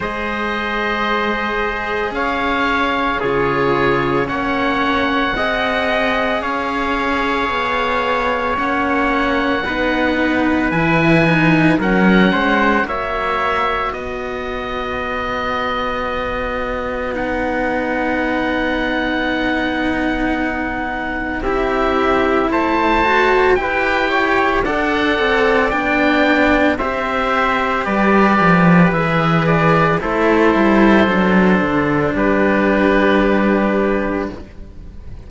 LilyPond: <<
  \new Staff \with { instrumentName = "oboe" } { \time 4/4 \tempo 4 = 56 dis''2 f''4 cis''4 | fis''2 f''2 | fis''2 gis''4 fis''4 | e''4 dis''2. |
fis''1 | e''4 a''4 g''4 fis''4 | g''4 e''4 d''4 e''8 d''8 | c''2 b'2 | }
  \new Staff \with { instrumentName = "trumpet" } { \time 4/4 c''2 cis''4 gis'4 | cis''4 dis''4 cis''2~ | cis''4 b'2 ais'8 c''8 | cis''4 b'2.~ |
b'1 | g'4 c''4 b'8 cis''8 d''4~ | d''4 c''4 b'2 | a'2 g'2 | }
  \new Staff \with { instrumentName = "cello" } { \time 4/4 gis'2. f'4 | cis'4 gis'2. | cis'4 dis'4 e'8 dis'8 cis'4 | fis'1 |
dis'1 | e'4. fis'8 g'4 a'4 | d'4 g'2 gis'4 | e'4 d'2. | }
  \new Staff \with { instrumentName = "cello" } { \time 4/4 gis2 cis'4 cis4 | ais4 c'4 cis'4 b4 | ais4 b4 e4 fis8 gis8 | ais4 b2.~ |
b1 | c'4 a4 e'4 d'8 c'8 | b4 c'4 g8 f8 e4 | a8 g8 fis8 d8 g2 | }
>>